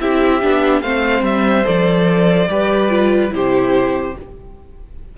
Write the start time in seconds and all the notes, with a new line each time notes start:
0.00 C4 E4 G4 E5
0.42 B3 D4
0.82 A3 C4 C5 F5
1.22 G3 E5
1.64 F3 A4 D5
2.48 G3 G4 B4
2.90 F4
3.30 C3 E4 G4 C5